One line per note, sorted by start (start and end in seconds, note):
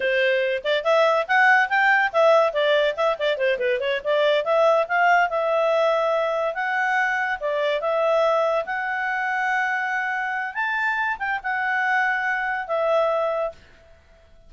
0.00 0.63 C5
0.64 0.84 D5
0.84 1.26 E5
1.27 1.69 F#5
1.69 2.11 G5
2.12 2.53 E5
2.53 2.95 D5
2.96 3.17 E5
3.18 3.37 D5
3.37 3.58 C5
3.58 3.79 B4
3.80 4.01 C#5
4.04 4.44 D5
4.44 4.86 E5
4.88 5.29 F5
5.29 6.54 E5
6.54 7.38 F#5
7.39 7.81 D5
7.81 8.65 E5
8.65 10.54 F#5
10.54 11.17 A5
11.19 11.40 G5
11.43 12.67 F#5
12.67 13.52 E5